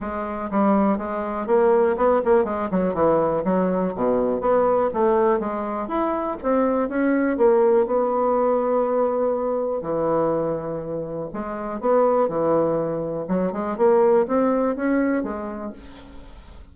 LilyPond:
\new Staff \with { instrumentName = "bassoon" } { \time 4/4 \tempo 4 = 122 gis4 g4 gis4 ais4 | b8 ais8 gis8 fis8 e4 fis4 | b,4 b4 a4 gis4 | e'4 c'4 cis'4 ais4 |
b1 | e2. gis4 | b4 e2 fis8 gis8 | ais4 c'4 cis'4 gis4 | }